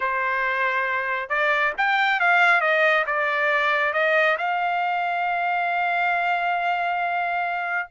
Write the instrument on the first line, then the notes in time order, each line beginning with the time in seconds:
trumpet
0.00 C5
1.29 D5
1.77 G5
2.20 F5
2.61 D#5
3.06 D5
3.93 D#5
4.38 F5